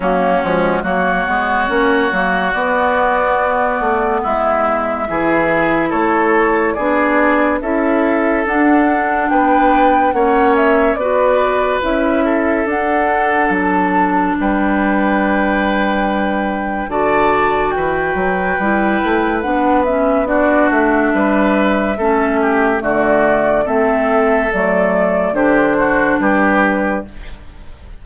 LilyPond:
<<
  \new Staff \with { instrumentName = "flute" } { \time 4/4 \tempo 4 = 71 fis'4 cis''2 d''4~ | d''4 e''2 cis''4 | d''4 e''4 fis''4 g''4 | fis''8 e''8 d''4 e''4 fis''4 |
a''4 g''2. | a''4 g''2 fis''8 e''8 | d''8 e''2~ e''8 d''4 | e''4 d''4 c''4 b'4 | }
  \new Staff \with { instrumentName = "oboe" } { \time 4/4 cis'4 fis'2.~ | fis'4 e'4 gis'4 a'4 | gis'4 a'2 b'4 | cis''4 b'4. a'4.~ |
a'4 b'2. | d''4 b'2. | fis'4 b'4 a'8 g'8 fis'4 | a'2 g'8 fis'8 g'4 | }
  \new Staff \with { instrumentName = "clarinet" } { \time 4/4 ais8 gis8 ais8 b8 cis'8 ais8 b4~ | b2 e'2 | d'4 e'4 d'2 | cis'4 fis'4 e'4 d'4~ |
d'1 | fis'2 e'4 d'8 cis'8 | d'2 cis'4 a4 | c'4 a4 d'2 | }
  \new Staff \with { instrumentName = "bassoon" } { \time 4/4 fis8 f8 fis8 gis8 ais8 fis8 b4~ | b8 a8 gis4 e4 a4 | b4 cis'4 d'4 b4 | ais4 b4 cis'4 d'4 |
fis4 g2. | d4 e8 fis8 g8 a8 b4~ | b8 a8 g4 a4 d4 | a4 fis4 d4 g4 | }
>>